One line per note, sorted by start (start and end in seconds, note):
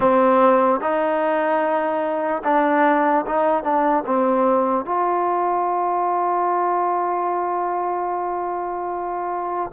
0.00 0.80 C4
0.80 2.42 D#4
2.44 3.25 D4
3.26 3.63 D#4
3.63 4.04 D4
4.05 4.85 C4
4.85 9.71 F4